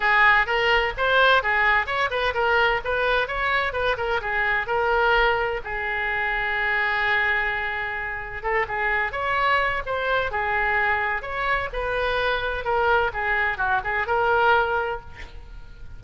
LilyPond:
\new Staff \with { instrumentName = "oboe" } { \time 4/4 \tempo 4 = 128 gis'4 ais'4 c''4 gis'4 | cis''8 b'8 ais'4 b'4 cis''4 | b'8 ais'8 gis'4 ais'2 | gis'1~ |
gis'2 a'8 gis'4 cis''8~ | cis''4 c''4 gis'2 | cis''4 b'2 ais'4 | gis'4 fis'8 gis'8 ais'2 | }